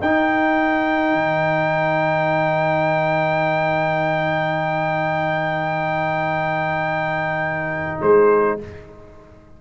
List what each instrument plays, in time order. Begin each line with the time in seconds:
0.00 tuba D#4, trombone D#4, horn A#4, trumpet G5
1.12 tuba D#3
8.02 tuba G#3, horn G#4, trumpet C5